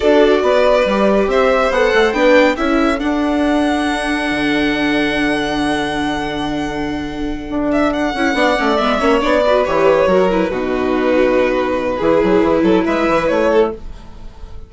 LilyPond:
<<
  \new Staff \with { instrumentName = "violin" } { \time 4/4 \tempo 4 = 140 d''2. e''4 | fis''4 g''4 e''4 fis''4~ | fis''1~ | fis''1~ |
fis''2 e''8 fis''4.~ | fis''8 e''4 d''4 cis''4. | b'1~ | b'2 e''4 cis''4 | }
  \new Staff \with { instrumentName = "violin" } { \time 4/4 a'4 b'2 c''4~ | c''4 b'4 a'2~ | a'1~ | a'1~ |
a'2.~ a'8 d''8~ | d''4 cis''4 b'4. ais'8~ | ais'8 fis'2.~ fis'8 | gis'4. a'8 b'4. a'8 | }
  \new Staff \with { instrumentName = "viola" } { \time 4/4 fis'2 g'2 | a'4 d'4 e'4 d'4~ | d'1~ | d'1~ |
d'2. e'8 d'8 | cis'8 b8 cis'8 d'8 fis'8 g'4 fis'8 | e'8 dis'2.~ dis'8 | e'1 | }
  \new Staff \with { instrumentName = "bassoon" } { \time 4/4 d'4 b4 g4 c'4 | b8 a8 b4 cis'4 d'4~ | d'2 d2~ | d1~ |
d4. d'4. cis'8 b8 | a8 gis8 ais8 b4 e4 fis8~ | fis8 b,2.~ b,8 | e8 fis8 e8 fis8 gis8 e8 a4 | }
>>